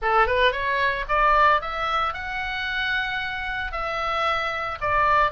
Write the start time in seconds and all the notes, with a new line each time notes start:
0.02 A4
0.26 B4
0.52 C#5
1.08 D5
1.61 E5
2.13 F#5
3.72 E5
4.81 D5